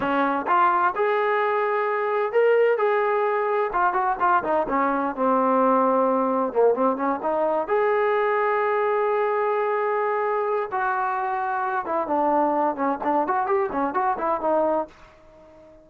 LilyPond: \new Staff \with { instrumentName = "trombone" } { \time 4/4 \tempo 4 = 129 cis'4 f'4 gis'2~ | gis'4 ais'4 gis'2 | f'8 fis'8 f'8 dis'8 cis'4 c'4~ | c'2 ais8 c'8 cis'8 dis'8~ |
dis'8 gis'2.~ gis'8~ | gis'2. fis'4~ | fis'4. e'8 d'4. cis'8 | d'8 fis'8 g'8 cis'8 fis'8 e'8 dis'4 | }